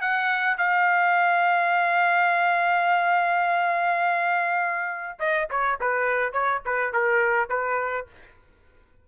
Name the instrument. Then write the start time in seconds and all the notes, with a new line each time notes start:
trumpet
0.00 F#5
0.57 F5
5.19 D#5
5.50 C#5
5.80 B4
6.32 C#5
6.65 B4
6.93 A#4
7.49 B4